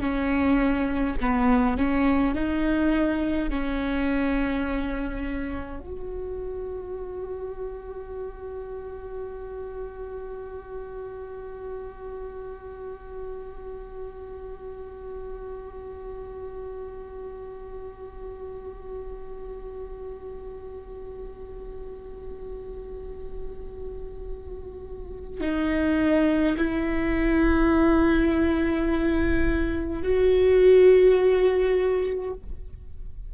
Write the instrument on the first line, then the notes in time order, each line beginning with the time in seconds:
viola
0.00 C#4
1.20 B3
1.77 C#4
2.34 D#4
3.49 C#4
5.80 F#4
25.40 D#4
26.57 E4
30.03 F#4